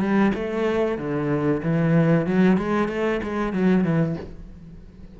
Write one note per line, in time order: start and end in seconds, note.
0.00 0.32 G3
0.35 0.98 A3
0.98 1.62 D3
1.63 2.26 E3
2.26 2.57 F#3
2.57 2.88 G#3
2.88 3.20 A3
3.23 3.53 G#3
3.53 3.84 F#3
3.84 4.16 E3